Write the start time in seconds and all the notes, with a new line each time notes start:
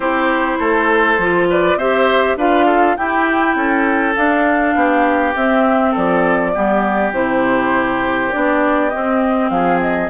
0.00 C4 E4 G4 C5
0.59 A3 A4
1.18 F3 F4
1.49 B4 D5
1.75 C4 G4 C5 E5
2.36 D4 F4 B4 F5
2.66 A4
2.96 E4 G4 G5
3.55 C#4 A4
4.15 D4 F5
4.75 B3 G4
5.35 C4 E5
5.91 F3 A4 D5
6.53 G3 B3 G4
7.12 C3 E4 C5
8.31 B3 D4 D5
8.89 C4 D#5
9.49 F3 G#4 F5
9.80 D#5